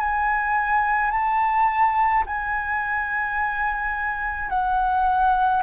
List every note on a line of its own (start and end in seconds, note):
0.00 1.11 G#5
1.11 2.24 A5
2.26 4.50 G#5
4.50 5.63 F#5